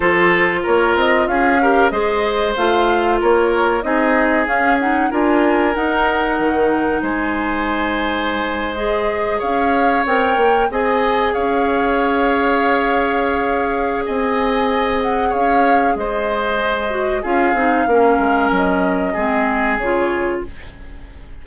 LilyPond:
<<
  \new Staff \with { instrumentName = "flute" } { \time 4/4 \tempo 4 = 94 c''4 cis''8 dis''8 f''4 dis''4 | f''4 cis''4 dis''4 f''8 fis''8 | gis''4 fis''2 gis''4~ | gis''4.~ gis''16 dis''4 f''4 g''16~ |
g''8. gis''4 f''2~ f''16~ | f''2 gis''4. fis''8 | f''4 dis''2 f''4~ | f''4 dis''2 cis''4 | }
  \new Staff \with { instrumentName = "oboe" } { \time 4/4 a'4 ais'4 gis'8 ais'8 c''4~ | c''4 ais'4 gis'2 | ais'2. c''4~ | c''2~ c''8. cis''4~ cis''16~ |
cis''8. dis''4 cis''2~ cis''16~ | cis''2 dis''2 | cis''4 c''2 gis'4 | ais'2 gis'2 | }
  \new Staff \with { instrumentName = "clarinet" } { \time 4/4 f'2~ f'8 g'8 gis'4 | f'2 dis'4 cis'8 dis'8 | f'4 dis'2.~ | dis'4.~ dis'16 gis'2 ais'16~ |
ais'8. gis'2.~ gis'16~ | gis'1~ | gis'2~ gis'8 fis'8 f'8 dis'8 | cis'2 c'4 f'4 | }
  \new Staff \with { instrumentName = "bassoon" } { \time 4/4 f4 ais8 c'8 cis'4 gis4 | a4 ais4 c'4 cis'4 | d'4 dis'4 dis4 gis4~ | gis2~ gis8. cis'4 c'16~ |
c'16 ais8 c'4 cis'2~ cis'16~ | cis'2 c'2 | cis'4 gis2 cis'8 c'8 | ais8 gis8 fis4 gis4 cis4 | }
>>